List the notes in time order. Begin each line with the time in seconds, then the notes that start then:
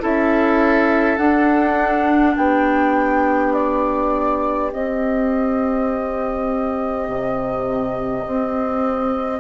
0.00 C#4 E4 A4 E5
1.17 D4 F#5
2.35 B3 G4 G5
3.53 D5
4.72 C4 D#5
7.08 C3
8.26 C4